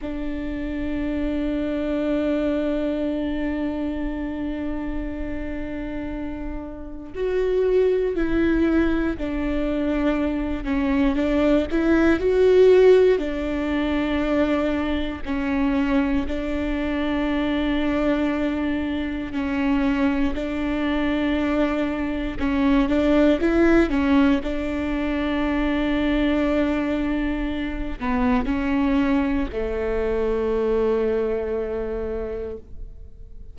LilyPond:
\new Staff \with { instrumentName = "viola" } { \time 4/4 \tempo 4 = 59 d'1~ | d'2. fis'4 | e'4 d'4. cis'8 d'8 e'8 | fis'4 d'2 cis'4 |
d'2. cis'4 | d'2 cis'8 d'8 e'8 cis'8 | d'2.~ d'8 b8 | cis'4 a2. | }